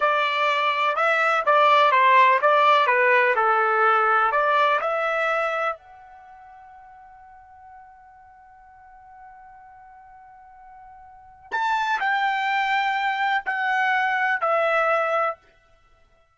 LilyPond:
\new Staff \with { instrumentName = "trumpet" } { \time 4/4 \tempo 4 = 125 d''2 e''4 d''4 | c''4 d''4 b'4 a'4~ | a'4 d''4 e''2 | fis''1~ |
fis''1~ | fis''1 | a''4 g''2. | fis''2 e''2 | }